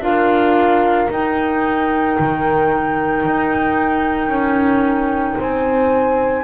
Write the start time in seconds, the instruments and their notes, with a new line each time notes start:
0.00 double bass D4, clarinet F4, horn A#4, flute F5
1.09 clarinet D#4, double bass D#4, flute G5
2.19 double bass D#3
3.25 double bass D#4
4.27 double bass C#4
5.37 double bass C4, horn C5, flute G#5